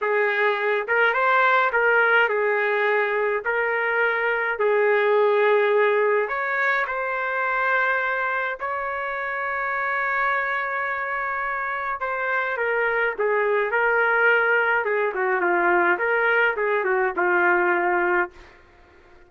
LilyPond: \new Staff \with { instrumentName = "trumpet" } { \time 4/4 \tempo 4 = 105 gis'4. ais'8 c''4 ais'4 | gis'2 ais'2 | gis'2. cis''4 | c''2. cis''4~ |
cis''1~ | cis''4 c''4 ais'4 gis'4 | ais'2 gis'8 fis'8 f'4 | ais'4 gis'8 fis'8 f'2 | }